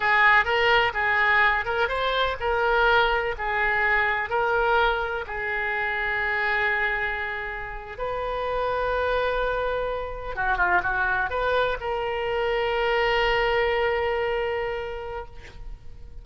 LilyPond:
\new Staff \with { instrumentName = "oboe" } { \time 4/4 \tempo 4 = 126 gis'4 ais'4 gis'4. ais'8 | c''4 ais'2 gis'4~ | gis'4 ais'2 gis'4~ | gis'1~ |
gis'8. b'2.~ b'16~ | b'4.~ b'16 fis'8 f'8 fis'4 b'16~ | b'8. ais'2.~ ais'16~ | ais'1 | }